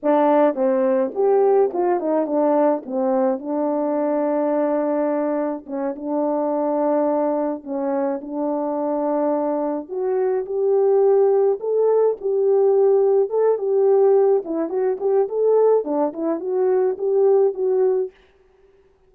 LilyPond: \new Staff \with { instrumentName = "horn" } { \time 4/4 \tempo 4 = 106 d'4 c'4 g'4 f'8 dis'8 | d'4 c'4 d'2~ | d'2 cis'8 d'4.~ | d'4. cis'4 d'4.~ |
d'4. fis'4 g'4.~ | g'8 a'4 g'2 a'8 | g'4. e'8 fis'8 g'8 a'4 | d'8 e'8 fis'4 g'4 fis'4 | }